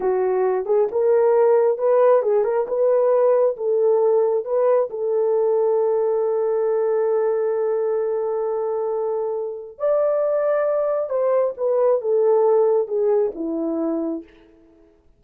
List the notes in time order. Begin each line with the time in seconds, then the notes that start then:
0.00 F#4
0.65 G#4
0.91 A#4
1.78 B4
2.22 G#4
2.44 A#4
2.67 B4
3.56 A4
4.44 B4
4.90 A4
9.78 D5
11.09 C5
11.57 B4
12.01 A4
12.87 G#4
13.34 E4